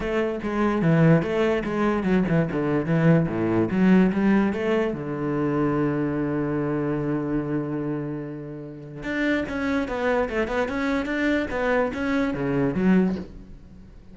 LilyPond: \new Staff \with { instrumentName = "cello" } { \time 4/4 \tempo 4 = 146 a4 gis4 e4 a4 | gis4 fis8 e8 d4 e4 | a,4 fis4 g4 a4 | d1~ |
d1~ | d2 d'4 cis'4 | b4 a8 b8 cis'4 d'4 | b4 cis'4 cis4 fis4 | }